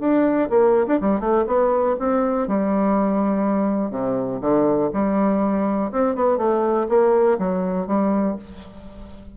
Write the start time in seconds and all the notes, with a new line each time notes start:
0.00 D4
0.50 A#3
0.87 D4
1.01 G3
1.20 A3
1.47 B3
1.99 C4
2.48 G3
3.91 C3
4.41 D3
4.93 G3
5.92 C4
6.15 B3
6.38 A3
6.89 A#3
7.39 F#3
7.87 G3